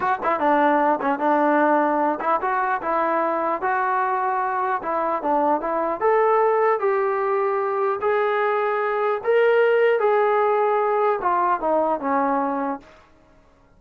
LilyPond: \new Staff \with { instrumentName = "trombone" } { \time 4/4 \tempo 4 = 150 fis'8 e'8 d'4. cis'8 d'4~ | d'4. e'8 fis'4 e'4~ | e'4 fis'2. | e'4 d'4 e'4 a'4~ |
a'4 g'2. | gis'2. ais'4~ | ais'4 gis'2. | f'4 dis'4 cis'2 | }